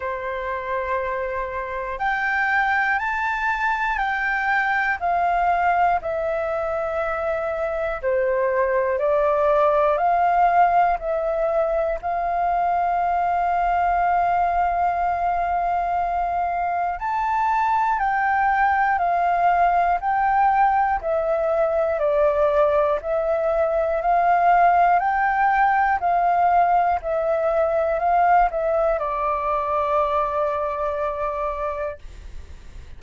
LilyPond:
\new Staff \with { instrumentName = "flute" } { \time 4/4 \tempo 4 = 60 c''2 g''4 a''4 | g''4 f''4 e''2 | c''4 d''4 f''4 e''4 | f''1~ |
f''4 a''4 g''4 f''4 | g''4 e''4 d''4 e''4 | f''4 g''4 f''4 e''4 | f''8 e''8 d''2. | }